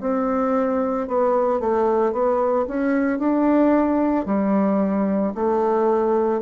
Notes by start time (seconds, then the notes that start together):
0.00 C4
1.07 B3
1.60 A3
2.12 B3
2.67 C#4
3.19 D4
4.25 G3
5.34 A3